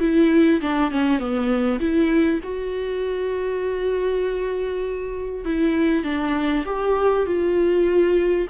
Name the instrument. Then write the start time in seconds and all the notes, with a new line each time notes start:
viola
0.00 E4
0.61 D4
0.91 C#4
1.19 B3
1.80 E4
2.43 F#4
5.45 E4
6.04 D4
6.65 G4
7.26 F4